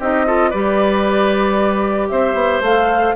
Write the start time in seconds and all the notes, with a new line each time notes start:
0.00 C4 D#4 G4 D#5
0.27 F4 A4
0.50 G3 G4 B4 D5
2.09 C4 C5 E5
2.34 B3
2.61 A3 A4 F5